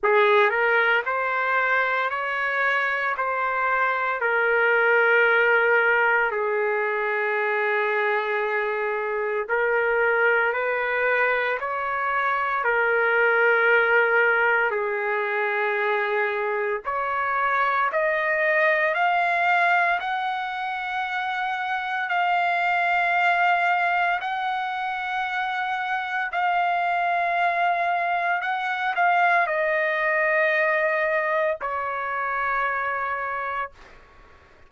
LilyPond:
\new Staff \with { instrumentName = "trumpet" } { \time 4/4 \tempo 4 = 57 gis'8 ais'8 c''4 cis''4 c''4 | ais'2 gis'2~ | gis'4 ais'4 b'4 cis''4 | ais'2 gis'2 |
cis''4 dis''4 f''4 fis''4~ | fis''4 f''2 fis''4~ | fis''4 f''2 fis''8 f''8 | dis''2 cis''2 | }